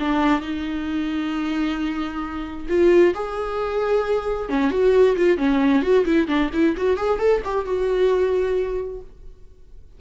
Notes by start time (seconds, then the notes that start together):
0.00 D4
0.41 D#4
2.69 F4
3.15 G#4
4.49 C#4
4.71 F#4
5.17 F4
5.38 C#4
5.82 F#4
6.06 E4
6.28 D4
6.53 E4
6.77 F#4
6.97 G#4
7.19 A4
7.45 G4
7.65 F#4